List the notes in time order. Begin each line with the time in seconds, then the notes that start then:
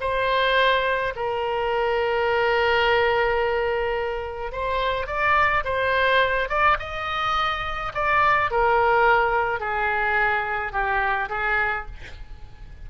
0.00 C5
1.15 A#4
4.52 C5
5.07 D5
5.64 C5
6.49 D5
6.79 D#5
7.94 D5
8.51 A#4
9.60 G#4
10.72 G4
11.29 G#4